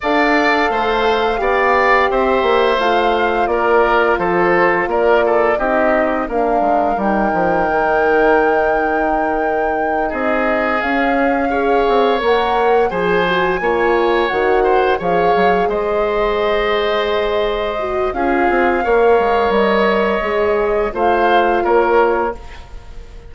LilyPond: <<
  \new Staff \with { instrumentName = "flute" } { \time 4/4 \tempo 4 = 86 f''2. e''4 | f''4 d''4 c''4 d''4 | dis''4 f''4 g''2~ | g''2~ g''8 dis''4 f''8~ |
f''4. fis''4 gis''4.~ | gis''8 fis''4 f''4 dis''4.~ | dis''2 f''2 | dis''2 f''4 cis''4 | }
  \new Staff \with { instrumentName = "oboe" } { \time 4/4 d''4 c''4 d''4 c''4~ | c''4 ais'4 a'4 ais'8 a'8 | g'4 ais'2.~ | ais'2~ ais'8 gis'4.~ |
gis'8 cis''2 c''4 cis''8~ | cis''4 c''8 cis''4 c''4.~ | c''2 gis'4 cis''4~ | cis''2 c''4 ais'4 | }
  \new Staff \with { instrumentName = "horn" } { \time 4/4 a'2 g'2 | f'1 | dis'4 d'4 dis'2~ | dis'2.~ dis'8 cis'8~ |
cis'8 gis'4 ais'4 gis'8 fis'8 f'8~ | f'8 fis'4 gis'2~ gis'8~ | gis'4. fis'8 f'4 ais'4~ | ais'4 gis'4 f'2 | }
  \new Staff \with { instrumentName = "bassoon" } { \time 4/4 d'4 a4 b4 c'8 ais8 | a4 ais4 f4 ais4 | c'4 ais8 gis8 g8 f8 dis4~ | dis2~ dis8 c'4 cis'8~ |
cis'4 c'8 ais4 f4 ais8~ | ais8 dis4 f8 fis8 gis4.~ | gis2 cis'8 c'8 ais8 gis8 | g4 gis4 a4 ais4 | }
>>